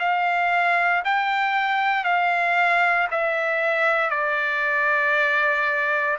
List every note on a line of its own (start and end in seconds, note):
0.00 1.03 F5
1.05 2.05 G5
2.05 3.08 F5
3.12 4.11 E5
4.11 6.17 D5